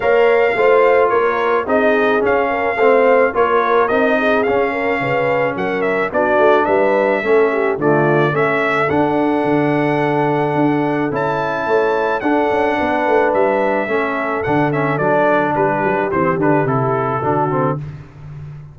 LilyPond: <<
  \new Staff \with { instrumentName = "trumpet" } { \time 4/4 \tempo 4 = 108 f''2 cis''4 dis''4 | f''2 cis''4 dis''4 | f''2 fis''8 e''8 d''4 | e''2 d''4 e''4 |
fis''1 | a''2 fis''2 | e''2 fis''8 e''8 d''4 | b'4 c''8 b'8 a'2 | }
  \new Staff \with { instrumentName = "horn" } { \time 4/4 cis''4 c''4 ais'4 gis'4~ | gis'8 ais'8 c''4 ais'4. gis'8~ | gis'8 ais'8 b'4 ais'4 fis'4 | b'4 a'8 g'8 f'4 a'4~ |
a'1~ | a'4 cis''4 a'4 b'4~ | b'4 a'2. | g'2. fis'4 | }
  \new Staff \with { instrumentName = "trombone" } { \time 4/4 ais'4 f'2 dis'4 | cis'4 c'4 f'4 dis'4 | cis'2. d'4~ | d'4 cis'4 a4 cis'4 |
d'1 | e'2 d'2~ | d'4 cis'4 d'8 cis'8 d'4~ | d'4 c'8 d'8 e'4 d'8 c'8 | }
  \new Staff \with { instrumentName = "tuba" } { \time 4/4 ais4 a4 ais4 c'4 | cis'4 a4 ais4 c'4 | cis'4 cis4 fis4 b8 a8 | g4 a4 d4 a4 |
d'4 d2 d'4 | cis'4 a4 d'8 cis'8 b8 a8 | g4 a4 d4 fis4 | g8 fis8 e8 d8 c4 d4 | }
>>